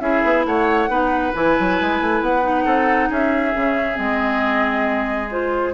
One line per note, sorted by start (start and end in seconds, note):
0.00 0.22 C#4
0.00 0.89 E4
0.00 0.47 G#4
0.00 0.44 E5
0.24 0.46 B3
0.46 0.89 A3
0.46 0.90 C#5
0.46 1.34 F#5
0.89 1.33 B3
0.89 1.33 D#4
0.89 2.65 B4
1.34 1.58 E3
1.34 2.42 E4
1.34 2.23 G#5
1.60 1.81 F#3
1.81 2.01 G#3
2.01 2.21 A3
2.21 2.66 B3
2.21 3.11 F#5
2.42 3.53 D#4
2.65 3.10 C4
2.65 3.09 A4
3.10 3.55 C#4
3.10 5.74 G#4
3.10 3.98 E5
3.56 3.99 C#3
3.56 3.95 C#4
3.95 5.74 G#3
3.95 5.27 C4
3.95 5.30 D#5
5.31 5.74 F4
5.31 5.74 C5